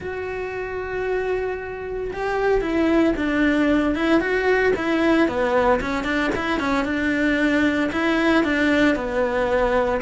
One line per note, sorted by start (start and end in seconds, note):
0.00 2.11 F#4
2.12 2.61 G4
2.61 3.13 E4
3.16 3.95 D4
3.95 4.20 E4
4.20 4.72 F#4
4.75 5.28 E4
5.28 5.80 B3
5.80 6.04 C#4
6.04 6.30 D4
6.35 6.59 E4
6.59 6.84 C#4
6.84 7.90 D4
7.92 8.43 E4
8.43 8.95 D4
8.95 10.00 B3